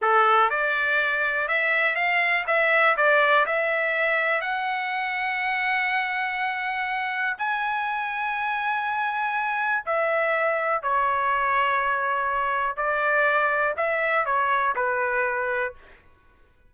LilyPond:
\new Staff \with { instrumentName = "trumpet" } { \time 4/4 \tempo 4 = 122 a'4 d''2 e''4 | f''4 e''4 d''4 e''4~ | e''4 fis''2.~ | fis''2. gis''4~ |
gis''1 | e''2 cis''2~ | cis''2 d''2 | e''4 cis''4 b'2 | }